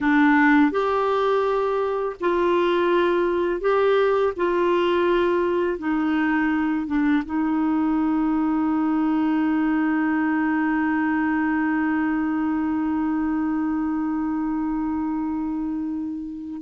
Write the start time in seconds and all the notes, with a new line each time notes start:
0.00 D4
0.71 G4
2.20 F4
3.60 G4
4.36 F4
5.78 D#4
6.87 D4
7.25 D#4